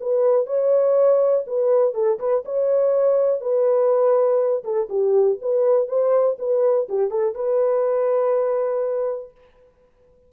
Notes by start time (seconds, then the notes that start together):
0.00 B4
0.46 C#5
1.46 B4
1.94 A4
2.19 B4
2.45 C#5
3.40 B4
4.63 A4
4.89 G4
5.41 B4
5.88 C5
6.38 B4
6.88 G4
7.10 A4
7.34 B4